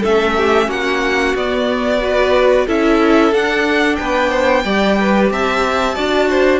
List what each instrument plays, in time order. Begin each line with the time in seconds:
0.00 cello A3, viola C#4, violin A4 E5
0.37 violin G4
0.67 cello A#3, violin F#4 F#5
1.34 cello B3, viola B3, violin D5
2.00 viola F#4, violin B4
2.66 cello C#4, viola E4, violin A4 E5
3.32 cello D4, viola D4, violin F#5
3.95 cello B3, violin B4 G5
4.30 violin C5
4.64 cello G3, viola G4, violin D5
5.00 violin B4
5.30 cello C4, violin E5 A5
5.95 cello D4, viola F#4, violin D5
6.30 violin C5